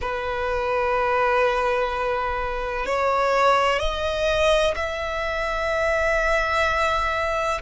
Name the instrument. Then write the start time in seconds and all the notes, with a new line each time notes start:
violin
0.01 B4
2.86 C#5
3.79 D#5
4.75 E5